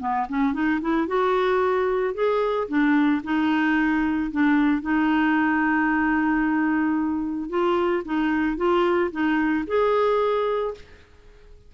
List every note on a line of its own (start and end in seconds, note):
0.00 0.27 B3
0.29 0.54 C#4
0.54 0.80 D#4
0.81 1.07 E4
1.07 2.14 F#4
2.14 2.68 G#4
2.68 3.22 D4
3.24 4.31 D#4
4.31 4.82 D4
4.82 7.50 D#4
7.50 8.03 F4
8.05 8.57 D#4
8.57 9.11 F4
9.11 9.65 D#4
9.67 10.74 G#4